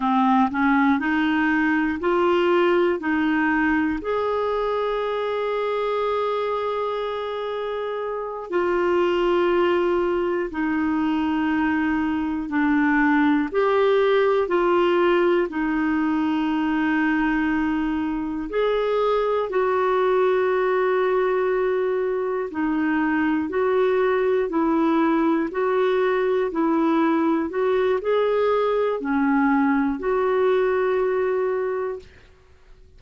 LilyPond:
\new Staff \with { instrumentName = "clarinet" } { \time 4/4 \tempo 4 = 60 c'8 cis'8 dis'4 f'4 dis'4 | gis'1~ | gis'8 f'2 dis'4.~ | dis'8 d'4 g'4 f'4 dis'8~ |
dis'2~ dis'8 gis'4 fis'8~ | fis'2~ fis'8 dis'4 fis'8~ | fis'8 e'4 fis'4 e'4 fis'8 | gis'4 cis'4 fis'2 | }